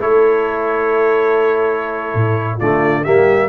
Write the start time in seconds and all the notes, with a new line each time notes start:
0.00 A3 E4 A4 C#5
2.14 A2
2.57 D3 A3 F4 D5
3.03 G3 A#3 G4 E5